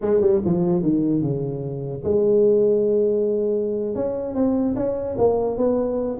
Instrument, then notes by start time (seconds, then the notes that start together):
tuba
0.01 G#3
0.20 G3
0.45 F3
0.82 D#3
1.22 C#3
2.03 G#3
3.95 C#4
4.34 C4
4.75 C#4
5.18 A#3
5.57 B3